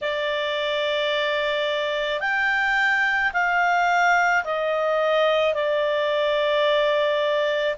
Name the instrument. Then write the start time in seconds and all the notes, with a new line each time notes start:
clarinet
0.01 D5
2.20 G5
3.33 F5
4.44 D#5
5.54 D5